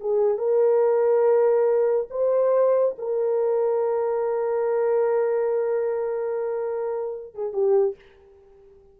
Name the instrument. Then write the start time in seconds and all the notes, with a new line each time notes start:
horn
0.00 G#4
0.37 A#4
2.10 C5
2.98 A#4
7.34 G#4
7.53 G4